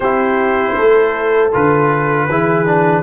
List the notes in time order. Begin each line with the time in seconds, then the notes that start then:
0.00 C4 E4 G4 C5
0.76 A3 A4
1.52 D3 F4 B4
2.28 E3 E4 G#4
2.66 D4